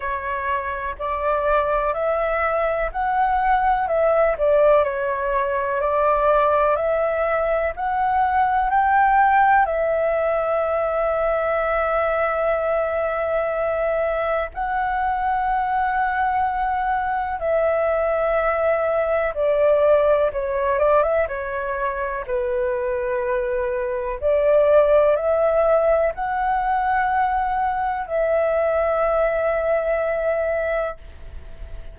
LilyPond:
\new Staff \with { instrumentName = "flute" } { \time 4/4 \tempo 4 = 62 cis''4 d''4 e''4 fis''4 | e''8 d''8 cis''4 d''4 e''4 | fis''4 g''4 e''2~ | e''2. fis''4~ |
fis''2 e''2 | d''4 cis''8 d''16 e''16 cis''4 b'4~ | b'4 d''4 e''4 fis''4~ | fis''4 e''2. | }